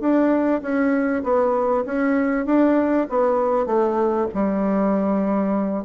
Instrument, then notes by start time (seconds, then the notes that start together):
bassoon
0.00 D4
0.62 C#4
1.23 B3
1.85 C#4
2.46 D4
3.09 B3
3.66 A3
4.34 G3